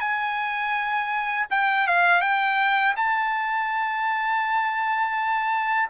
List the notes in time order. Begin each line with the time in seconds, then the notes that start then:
0.00 G#5
1.50 G5
1.87 F5
2.21 G5
2.96 A5